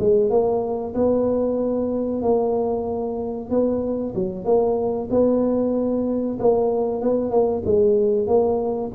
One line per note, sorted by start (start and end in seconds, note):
0.00 0.31 G#3
0.31 0.95 A#3
0.95 2.23 B3
2.23 3.50 A#3
3.50 4.14 B3
4.15 4.45 F#3
4.45 5.09 A#3
5.11 6.39 B3
6.39 7.02 A#3
7.02 7.31 B3
7.31 7.63 A#3
7.66 8.28 G#3
8.28 8.92 A#3